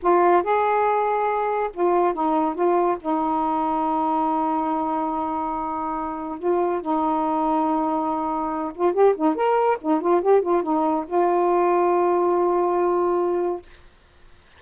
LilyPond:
\new Staff \with { instrumentName = "saxophone" } { \time 4/4 \tempo 4 = 141 f'4 gis'2. | f'4 dis'4 f'4 dis'4~ | dis'1~ | dis'2. f'4 |
dis'1~ | dis'8 f'8 g'8 dis'8 ais'4 dis'8 f'8 | g'8 f'8 dis'4 f'2~ | f'1 | }